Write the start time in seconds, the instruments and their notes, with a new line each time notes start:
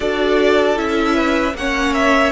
0.00 cello D4, viola F#4, violin A4 D5
0.76 cello C#4, viola E4, violin E5
1.14 violin B4
1.54 cello A#3, viola C#4, violin C#5 F#5
1.93 violin E5